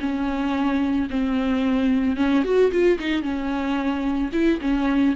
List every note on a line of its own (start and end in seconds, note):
0.00 1.08 C#4
1.10 2.16 C4
2.16 2.43 C#4
2.44 2.71 F#4
2.72 2.99 F4
2.99 3.23 D#4
3.23 4.31 C#4
4.32 4.59 E4
4.61 5.15 C#4